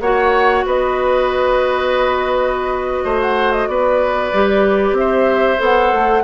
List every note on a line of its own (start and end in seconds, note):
0.00 0.64 A#3
0.00 4.34 F#4
0.00 0.66 C#5
0.00 0.65 F#5
0.66 3.05 B3
0.66 3.04 B4
0.66 3.22 D#5
3.04 3.67 A3
3.04 3.68 C5
3.22 3.52 F#5
3.52 3.68 D#5
3.67 4.31 B3
3.67 4.98 B4
3.67 4.95 D5
4.33 4.92 G3
4.33 5.58 G4
4.92 5.56 C4
4.92 5.61 E5
5.00 6.24 C5
5.58 5.92 B3
5.58 6.22 A4
5.58 6.24 F#5
5.92 6.24 A3